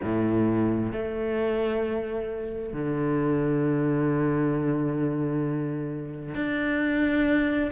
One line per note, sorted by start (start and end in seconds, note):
0.02 0.92 A2
0.92 2.73 A3
2.73 6.34 D3
6.34 7.71 D4